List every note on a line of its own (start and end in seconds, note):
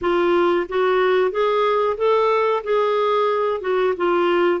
0.01 0.67 F4
0.68 1.31 F#4
1.31 1.97 G#4
1.97 2.63 A4
2.63 3.61 G#4
3.61 3.94 F#4
3.96 4.60 F4